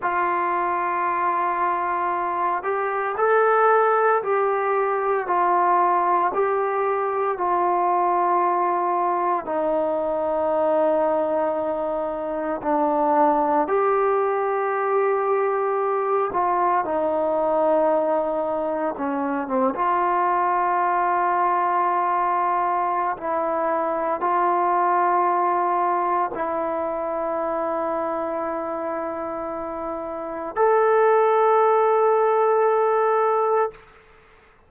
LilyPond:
\new Staff \with { instrumentName = "trombone" } { \time 4/4 \tempo 4 = 57 f'2~ f'8 g'8 a'4 | g'4 f'4 g'4 f'4~ | f'4 dis'2. | d'4 g'2~ g'8 f'8 |
dis'2 cis'8 c'16 f'4~ f'16~ | f'2 e'4 f'4~ | f'4 e'2.~ | e'4 a'2. | }